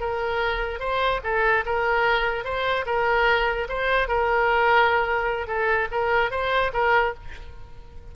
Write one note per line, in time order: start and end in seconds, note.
0.00 0.80 A#4
0.80 1.20 C5
1.24 1.64 A4
1.66 2.44 A#4
2.44 2.85 C5
2.86 3.68 A#4
3.69 4.08 C5
4.08 5.47 A#4
5.47 5.88 A4
5.91 6.31 A#4
6.31 6.72 C5
6.73 7.14 A#4